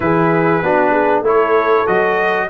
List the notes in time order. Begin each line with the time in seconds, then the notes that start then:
0.00 E3 E4 G#4 B4
0.61 B3 D4 F#4
0.90 G#4
1.21 A3 E4 A4 C#5
1.86 F#3 F#4 D#5